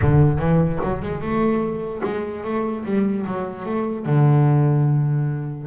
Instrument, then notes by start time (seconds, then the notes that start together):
double bass
0.01 D3
0.39 E3
0.83 F#3
1.01 G#3
1.21 A3
2.04 G#3
2.43 A3
2.85 G3
3.26 F#3
3.65 A3
4.05 D3